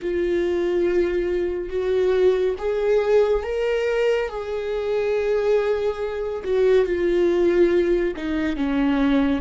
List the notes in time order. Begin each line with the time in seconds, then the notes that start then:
0.02 F4
1.69 F#4
2.58 G#4
3.43 A#4
4.29 G#4
6.44 F#4
6.85 F4
8.16 D#4
8.56 C#4